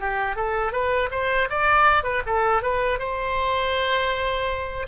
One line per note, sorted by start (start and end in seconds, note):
0.00 0.36 G4
0.36 0.73 A4
0.73 1.10 B4
1.11 1.49 C5
1.50 2.04 D5
2.04 2.23 B4
2.27 2.62 A4
2.62 2.99 B4
2.99 4.87 C5